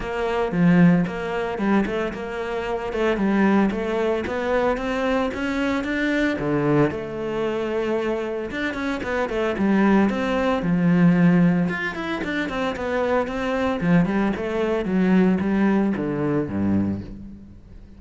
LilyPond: \new Staff \with { instrumentName = "cello" } { \time 4/4 \tempo 4 = 113 ais4 f4 ais4 g8 a8 | ais4. a8 g4 a4 | b4 c'4 cis'4 d'4 | d4 a2. |
d'8 cis'8 b8 a8 g4 c'4 | f2 f'8 e'8 d'8 c'8 | b4 c'4 f8 g8 a4 | fis4 g4 d4 g,4 | }